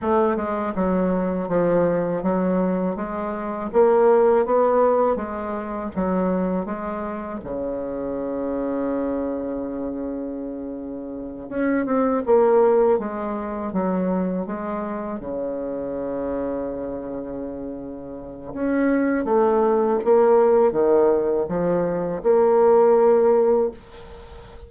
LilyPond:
\new Staff \with { instrumentName = "bassoon" } { \time 4/4 \tempo 4 = 81 a8 gis8 fis4 f4 fis4 | gis4 ais4 b4 gis4 | fis4 gis4 cis2~ | cis2.~ cis8 cis'8 |
c'8 ais4 gis4 fis4 gis8~ | gis8 cis2.~ cis8~ | cis4 cis'4 a4 ais4 | dis4 f4 ais2 | }